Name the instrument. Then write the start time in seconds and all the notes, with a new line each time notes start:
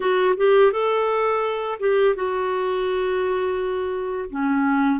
clarinet
0.00 F#4
0.36 G4
0.71 A4
1.79 G4
2.15 F#4
4.30 C#4